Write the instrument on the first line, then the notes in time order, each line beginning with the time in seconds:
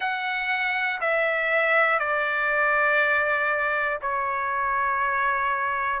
trumpet
0.00 F#5
1.00 E5
1.99 D5
4.01 C#5